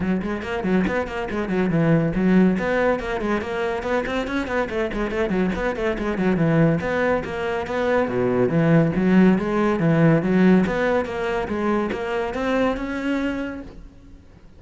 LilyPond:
\new Staff \with { instrumentName = "cello" } { \time 4/4 \tempo 4 = 141 fis8 gis8 ais8 fis8 b8 ais8 gis8 fis8 | e4 fis4 b4 ais8 gis8 | ais4 b8 c'8 cis'8 b8 a8 gis8 | a8 fis8 b8 a8 gis8 fis8 e4 |
b4 ais4 b4 b,4 | e4 fis4 gis4 e4 | fis4 b4 ais4 gis4 | ais4 c'4 cis'2 | }